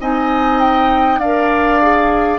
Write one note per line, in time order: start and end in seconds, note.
0.00 1.19 C4
0.00 1.20 D#4
0.00 1.20 D#5
0.00 0.60 G#5
0.60 1.19 G5
1.19 2.39 D4
1.19 1.82 A#4
1.19 2.39 D5
1.19 2.39 F5
1.82 2.39 G#4